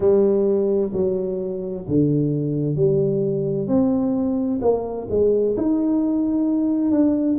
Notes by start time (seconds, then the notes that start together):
0.00 G3
0.93 F#3
1.88 D3
2.75 G3
3.67 C4
4.61 A#3
5.10 G#3
5.56 D#4
6.91 D4